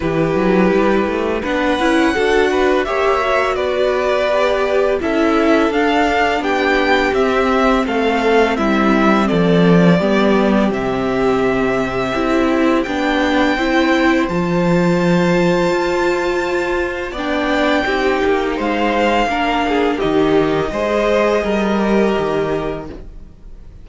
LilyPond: <<
  \new Staff \with { instrumentName = "violin" } { \time 4/4 \tempo 4 = 84 b'2 fis''2 | e''4 d''2 e''4 | f''4 g''4 e''4 f''4 | e''4 d''2 e''4~ |
e''2 g''2 | a''1 | g''2 f''2 | dis''1 | }
  \new Staff \with { instrumentName = "violin" } { \time 4/4 g'2 b'4 a'8 b'8 | cis''4 b'2 a'4~ | a'4 g'2 a'4 | e'4 a'4 g'2~ |
g'2. c''4~ | c''1 | d''4 g'4 c''4 ais'8 gis'8 | g'4 c''4 ais'2 | }
  \new Staff \with { instrumentName = "viola" } { \time 4/4 e'2 d'8 e'8 fis'4 | g'8 fis'4. g'4 e'4 | d'2 c'2~ | c'2 b4 c'4~ |
c'4 e'4 d'4 e'4 | f'1 | d'4 dis'2 d'4 | dis'4 gis'4. g'4. | }
  \new Staff \with { instrumentName = "cello" } { \time 4/4 e8 fis8 g8 a8 b8 cis'8 d'4 | ais4 b2 cis'4 | d'4 b4 c'4 a4 | g4 f4 g4 c4~ |
c4 c'4 b4 c'4 | f2 f'2 | b4 c'8 ais8 gis4 ais4 | dis4 gis4 g4 dis4 | }
>>